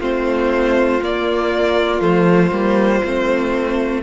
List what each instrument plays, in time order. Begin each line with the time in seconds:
0.00 cello A3, viola C4, violin F4 C5
1.02 cello A#3, viola A#3, violin D5
2.00 cello F3, viola A3, violin C5
2.51 cello G3, viola A#3
3.04 cello A3, viola C4